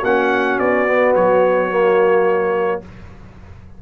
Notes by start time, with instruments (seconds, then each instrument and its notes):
0.00 tuba A#3, trombone C#4, horn F#4, trumpet F#5
0.59 tuba B3, trumpet D5
0.88 trombone B3
1.15 tuba F#3, trumpet C#5
1.71 trombone A#3